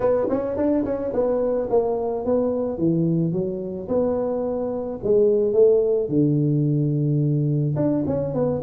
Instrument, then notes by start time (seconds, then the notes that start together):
tuba
0.00 B3
0.29 C#4
0.56 D4
0.84 C#4
1.13 B3
1.70 A#3
2.25 B3
2.78 E3
3.32 F#3
3.88 B3
5.03 G#3
5.53 A3
6.09 D3
7.76 D4
8.06 C#4
8.34 B3